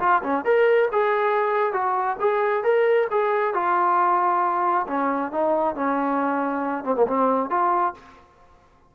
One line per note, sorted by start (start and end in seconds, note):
0.00 0.22 F4
0.23 0.45 C#4
0.45 0.89 A#4
0.92 1.73 G#4
1.73 2.17 F#4
2.20 2.64 G#4
2.64 3.08 A#4
3.11 3.54 G#4
3.54 4.86 F4
4.87 5.32 C#4
5.32 5.75 D#4
5.75 6.85 C#4
6.85 6.96 C4
6.96 7.07 A#3
7.07 7.50 C4
7.50 7.94 F4